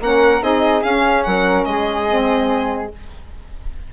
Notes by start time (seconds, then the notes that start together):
0.00 A#3 C#4 A#4 F#5
0.41 C4 D#4 G#4 D#5
0.82 C#4 F5
1.23 F#3 A#4 F#5
1.64 G#3 G#4 D#5
2.08 C4